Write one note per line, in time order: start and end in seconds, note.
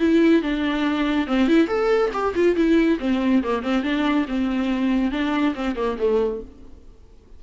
0.00 0.42 E4
0.42 1.28 D4
1.28 1.48 C4
1.48 1.68 E4
1.68 2.11 A4
2.14 2.35 G4
2.35 2.56 F4
2.56 2.99 E4
3.00 3.43 C4
3.43 3.63 A#3
3.63 3.83 C4
3.83 4.26 D4
4.29 5.12 C4
5.12 5.55 D4
5.55 5.76 C4
5.76 5.98 A#3
5.99 6.41 A3